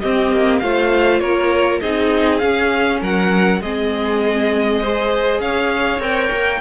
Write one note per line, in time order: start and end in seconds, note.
0.00 0.62 C4
0.00 0.31 C4
0.00 0.61 G4
0.00 0.59 D#5
0.31 0.61 A#3
0.59 1.21 A3
0.59 1.82 F4
0.59 1.21 C5
0.59 1.19 F5
1.19 1.81 A#3
1.19 1.81 A#4
1.19 1.79 C#5
1.81 2.43 C4
1.81 2.40 D#4
1.81 3.00 G#4
1.81 2.39 D#5
2.39 3.60 C#4
2.39 3.01 C#4
2.39 2.99 F5
3.00 3.60 F#3
3.00 3.60 A#4
3.00 3.62 F#5
3.60 5.39 G#3
3.60 4.83 C4
3.60 4.81 G#4
3.60 5.41 D#5
4.81 6.00 G#4
4.81 5.41 C5
5.39 5.99 C#4
5.39 6.61 C#5
5.39 6.01 F5
5.99 6.29 C4
5.99 6.60 A#4
5.99 6.61 G5
6.32 6.61 A#3